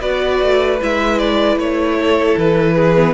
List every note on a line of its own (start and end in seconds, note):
0.00 0.41 B3
0.00 0.79 F#4
0.00 1.97 B4
0.00 0.79 D5
0.41 0.81 A3
0.80 1.56 G#3
0.80 2.96 E4
0.80 1.18 E5
1.18 1.58 D5
1.56 2.35 A3
1.56 2.38 C#5
1.99 2.75 A4
2.37 3.13 E3
2.37 3.13 B4
2.75 3.13 G#4
2.96 3.13 B3